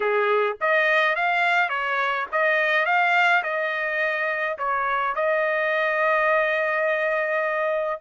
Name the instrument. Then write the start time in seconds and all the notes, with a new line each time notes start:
trumpet
0.00 G#4
0.61 D#5
1.15 F5
1.69 C#5
2.31 D#5
2.85 F5
3.43 D#5
4.58 C#5
5.15 D#5